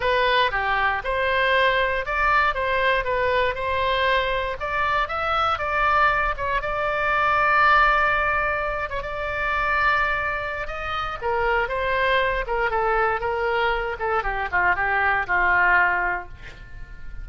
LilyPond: \new Staff \with { instrumentName = "oboe" } { \time 4/4 \tempo 4 = 118 b'4 g'4 c''2 | d''4 c''4 b'4 c''4~ | c''4 d''4 e''4 d''4~ | d''8 cis''8 d''2.~ |
d''4. cis''16 d''2~ d''16~ | d''4 dis''4 ais'4 c''4~ | c''8 ais'8 a'4 ais'4. a'8 | g'8 f'8 g'4 f'2 | }